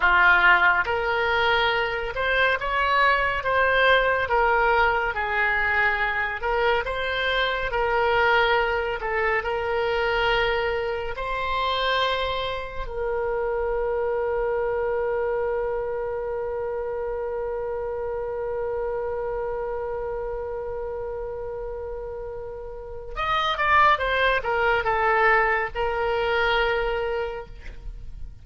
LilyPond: \new Staff \with { instrumentName = "oboe" } { \time 4/4 \tempo 4 = 70 f'4 ais'4. c''8 cis''4 | c''4 ais'4 gis'4. ais'8 | c''4 ais'4. a'8 ais'4~ | ais'4 c''2 ais'4~ |
ais'1~ | ais'1~ | ais'2. dis''8 d''8 | c''8 ais'8 a'4 ais'2 | }